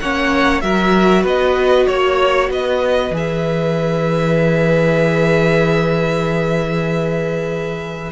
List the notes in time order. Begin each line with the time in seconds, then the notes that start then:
0.00 A#3 C#4 C#5 F#5
0.61 F#3 F#4 A#4 E5
1.23 B3 B4 D#5
1.87 A#3 C#5
2.49 B3 B4 D#5
3.10 E3 G#4
3.16 E5